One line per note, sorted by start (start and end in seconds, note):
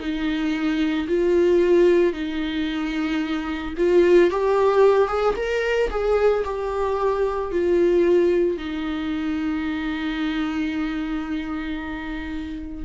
0.00 1.07 D#4
1.08 2.13 F4
2.13 3.74 D#4
3.77 4.31 F4
4.31 5.08 G4
5.08 5.35 G#4
5.36 5.90 A#4
5.90 6.44 G#4
6.45 7.51 G4
7.51 8.58 F4
8.58 12.85 D#4